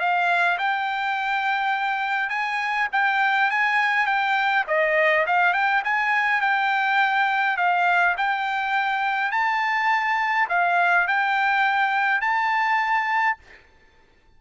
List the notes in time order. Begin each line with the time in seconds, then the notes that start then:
0.00 F5
0.58 G5
2.30 G#5
2.93 G5
3.51 G#5
4.07 G5
4.68 D#5
5.27 F5
5.54 G5
5.84 G#5
6.42 G5
7.57 F5
8.18 G5
9.32 A5
10.50 F5
11.08 G5
12.21 A5